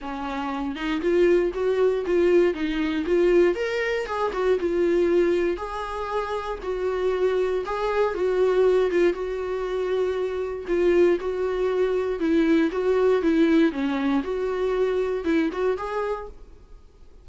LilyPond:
\new Staff \with { instrumentName = "viola" } { \time 4/4 \tempo 4 = 118 cis'4. dis'8 f'4 fis'4 | f'4 dis'4 f'4 ais'4 | gis'8 fis'8 f'2 gis'4~ | gis'4 fis'2 gis'4 |
fis'4. f'8 fis'2~ | fis'4 f'4 fis'2 | e'4 fis'4 e'4 cis'4 | fis'2 e'8 fis'8 gis'4 | }